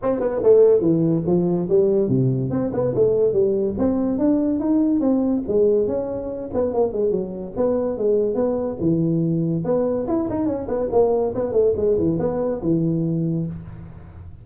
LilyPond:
\new Staff \with { instrumentName = "tuba" } { \time 4/4 \tempo 4 = 143 c'8 b8 a4 e4 f4 | g4 c4 c'8 b8 a4 | g4 c'4 d'4 dis'4 | c'4 gis4 cis'4. b8 |
ais8 gis8 fis4 b4 gis4 | b4 e2 b4 | e'8 dis'8 cis'8 b8 ais4 b8 a8 | gis8 e8 b4 e2 | }